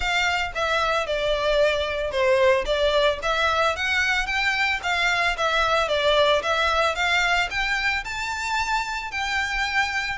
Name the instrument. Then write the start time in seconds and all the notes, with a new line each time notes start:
violin
0.00 F5
0.54 E5
1.06 D5
2.11 C5
2.65 D5
3.22 E5
3.76 F#5
4.26 G5
4.82 F5
5.37 E5
5.88 D5
6.42 E5
6.95 F5
7.50 G5
8.04 A5
9.11 G5